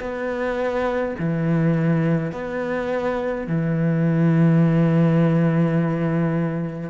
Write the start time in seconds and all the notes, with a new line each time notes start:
0.00 B3
1.19 E3
2.32 B3
3.47 E3